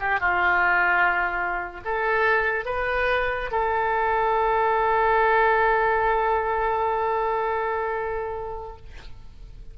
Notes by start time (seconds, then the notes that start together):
0.00 G4
0.20 F4
1.85 A4
2.66 B4
3.51 A4